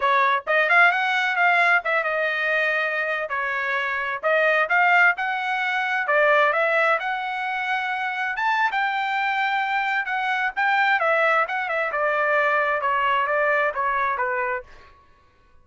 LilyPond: \new Staff \with { instrumentName = "trumpet" } { \time 4/4 \tempo 4 = 131 cis''4 dis''8 f''8 fis''4 f''4 | e''8 dis''2~ dis''8. cis''8.~ | cis''4~ cis''16 dis''4 f''4 fis''8.~ | fis''4~ fis''16 d''4 e''4 fis''8.~ |
fis''2~ fis''16 a''8. g''4~ | g''2 fis''4 g''4 | e''4 fis''8 e''8 d''2 | cis''4 d''4 cis''4 b'4 | }